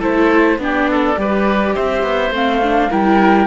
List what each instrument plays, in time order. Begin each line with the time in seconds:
0.00 cello A3, viola E4, oboe A4, flute C5
0.58 cello B3, viola D4, oboe G4, flute D5
0.91 oboe A4
1.16 cello G3, viola G4, oboe B4
1.75 cello C4, oboe C5, flute E5
2.03 cello B3
2.31 cello A3, viola C4, flute F5
2.63 viola D4
2.91 cello G3, viola E4, oboe A#4, flute G5